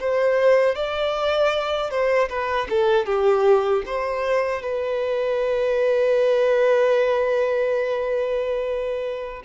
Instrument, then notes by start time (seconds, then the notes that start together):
violin
0.00 C5
0.75 D5
1.91 C5
2.29 B4
2.70 A4
3.06 G4
3.86 C5
4.62 B4